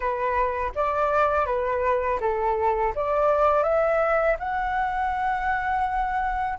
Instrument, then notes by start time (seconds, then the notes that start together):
flute
0.00 B4
0.75 D5
1.46 B4
2.20 A4
2.95 D5
3.63 E5
4.39 F#5